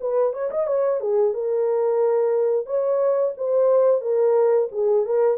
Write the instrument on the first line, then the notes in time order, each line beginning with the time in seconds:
horn
0.00 B4
0.33 C#5
0.50 D#5
0.66 C#5
1.00 G#4
1.34 A#4
2.65 C#5
3.37 C5
4.01 A#4
4.71 G#4
5.05 A#4